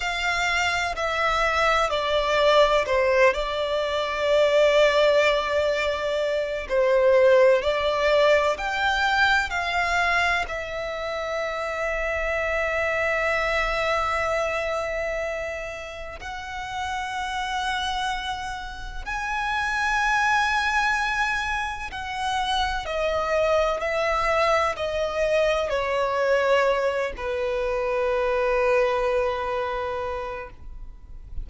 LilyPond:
\new Staff \with { instrumentName = "violin" } { \time 4/4 \tempo 4 = 63 f''4 e''4 d''4 c''8 d''8~ | d''2. c''4 | d''4 g''4 f''4 e''4~ | e''1~ |
e''4 fis''2. | gis''2. fis''4 | dis''4 e''4 dis''4 cis''4~ | cis''8 b'2.~ b'8 | }